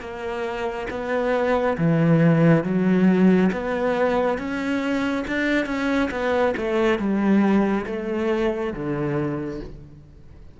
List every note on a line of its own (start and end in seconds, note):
0.00 0.87 A#3
0.90 1.77 B3
1.77 2.63 E3
2.63 3.50 F#3
3.52 4.38 B3
4.38 5.25 C#4
5.27 5.66 D4
5.66 6.09 C#4
6.11 6.54 B3
6.57 6.98 A3
6.98 7.85 G3
7.86 8.73 A3
8.73 9.60 D3